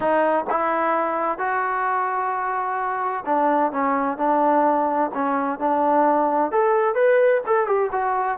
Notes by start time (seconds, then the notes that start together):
0.00 D#4
0.50 E4
1.38 F#4
3.25 D4
3.71 C#4
4.17 D4
5.14 C#4
5.59 D4
6.51 A4
6.95 B4
7.46 A4
7.66 G4
7.92 F#4